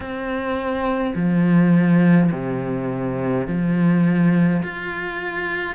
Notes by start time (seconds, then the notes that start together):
0.00 C4
1.15 F3
2.31 C3
3.47 F3
4.62 F4